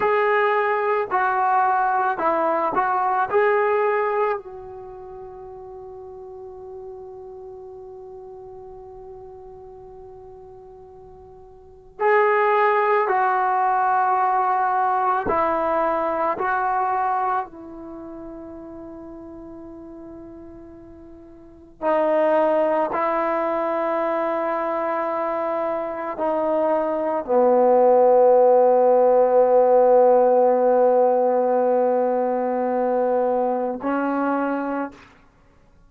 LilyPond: \new Staff \with { instrumentName = "trombone" } { \time 4/4 \tempo 4 = 55 gis'4 fis'4 e'8 fis'8 gis'4 | fis'1~ | fis'2. gis'4 | fis'2 e'4 fis'4 |
e'1 | dis'4 e'2. | dis'4 b2.~ | b2. cis'4 | }